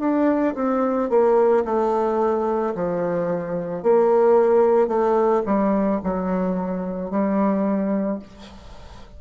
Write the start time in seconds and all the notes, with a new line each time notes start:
0.00 D4
0.56 C4
1.10 A#3
1.65 A3
2.75 F3
3.83 A#3
4.88 A3
5.46 G3
6.04 F#3
7.11 G3